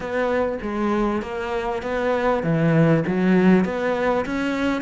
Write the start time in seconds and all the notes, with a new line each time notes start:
0.00 B3
0.62 G#3
1.22 A#3
1.82 B3
2.43 E3
3.07 F#3
3.64 B3
4.25 C#4